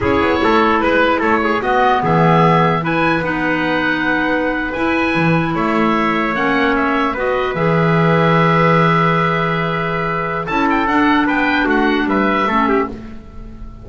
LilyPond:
<<
  \new Staff \with { instrumentName = "oboe" } { \time 4/4 \tempo 4 = 149 cis''2 b'4 cis''4 | dis''4 e''2 gis''4 | fis''2.~ fis''8. gis''16~ | gis''4.~ gis''16 e''2 fis''16~ |
fis''8. e''4 dis''4 e''4~ e''16~ | e''1~ | e''2 a''8 g''8 fis''4 | g''4 fis''4 e''2 | }
  \new Staff \with { instrumentName = "trumpet" } { \time 4/4 gis'4 a'4 b'4 a'8 gis'8 | fis'4 gis'2 b'4~ | b'1~ | b'4.~ b'16 cis''2~ cis''16~ |
cis''4.~ cis''16 b'2~ b'16~ | b'1~ | b'2 a'2 | b'4 fis'4 b'4 a'8 g'8 | }
  \new Staff \with { instrumentName = "clarinet" } { \time 4/4 e'1 | b2. e'4 | dis'2.~ dis'8. e'16~ | e'2.~ e'8. cis'16~ |
cis'4.~ cis'16 fis'4 gis'4~ gis'16~ | gis'1~ | gis'2 e'4 d'4~ | d'2. cis'4 | }
  \new Staff \with { instrumentName = "double bass" } { \time 4/4 cis'8 b8 a4 gis4 a4 | b4 e2. | b2.~ b8. e'16~ | e'8. e4 a2 ais16~ |
ais4.~ ais16 b4 e4~ e16~ | e1~ | e2 cis'4 d'4 | b4 a4 g4 a4 | }
>>